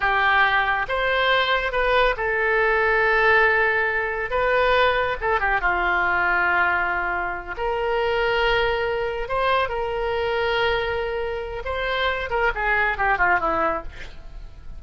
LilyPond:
\new Staff \with { instrumentName = "oboe" } { \time 4/4 \tempo 4 = 139 g'2 c''2 | b'4 a'2.~ | a'2 b'2 | a'8 g'8 f'2.~ |
f'4. ais'2~ ais'8~ | ais'4. c''4 ais'4.~ | ais'2. c''4~ | c''8 ais'8 gis'4 g'8 f'8 e'4 | }